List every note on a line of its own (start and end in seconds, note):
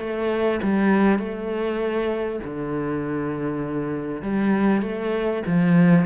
0.00 0.61 A3
0.63 1.19 G3
1.19 2.40 A3
2.45 4.22 D3
4.22 4.83 G3
4.83 5.43 A3
5.47 6.06 F3